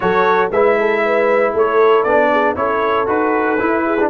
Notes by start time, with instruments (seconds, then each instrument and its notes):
0.00 tuba F#3, trombone F#4, horn A4, trumpet C#5
0.51 tuba G#3, trombone E4, horn B4, trumpet E5
0.79 horn A4
1.05 horn B4
1.52 tuba A3, horn A4, trumpet C#5
2.03 tuba B3, trombone D4, trumpet D5
2.31 horn G#4
2.56 tuba C#4, trombone E4, horn A4, trumpet C#5
3.06 tuba D#4, trombone F#4, trumpet B4
3.59 trombone E4, tuba E4
3.84 horn G#4
4.00 trombone D4